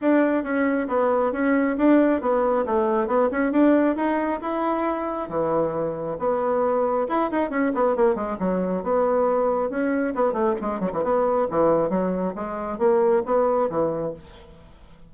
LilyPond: \new Staff \with { instrumentName = "bassoon" } { \time 4/4 \tempo 4 = 136 d'4 cis'4 b4 cis'4 | d'4 b4 a4 b8 cis'8 | d'4 dis'4 e'2 | e2 b2 |
e'8 dis'8 cis'8 b8 ais8 gis8 fis4 | b2 cis'4 b8 a8 | gis8 fis16 e16 b4 e4 fis4 | gis4 ais4 b4 e4 | }